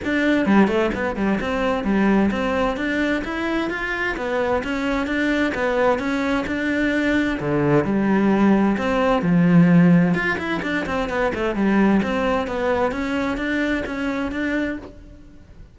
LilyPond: \new Staff \with { instrumentName = "cello" } { \time 4/4 \tempo 4 = 130 d'4 g8 a8 b8 g8 c'4 | g4 c'4 d'4 e'4 | f'4 b4 cis'4 d'4 | b4 cis'4 d'2 |
d4 g2 c'4 | f2 f'8 e'8 d'8 c'8 | b8 a8 g4 c'4 b4 | cis'4 d'4 cis'4 d'4 | }